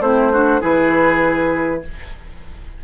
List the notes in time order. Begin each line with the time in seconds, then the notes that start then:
0.00 A3 C4 E4 C5
0.33 D4 F#4
0.61 E3 E4 G#4 B4